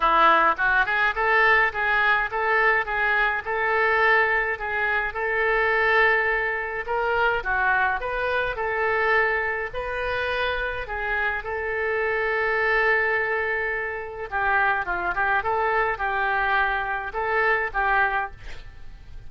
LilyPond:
\new Staff \with { instrumentName = "oboe" } { \time 4/4 \tempo 4 = 105 e'4 fis'8 gis'8 a'4 gis'4 | a'4 gis'4 a'2 | gis'4 a'2. | ais'4 fis'4 b'4 a'4~ |
a'4 b'2 gis'4 | a'1~ | a'4 g'4 f'8 g'8 a'4 | g'2 a'4 g'4 | }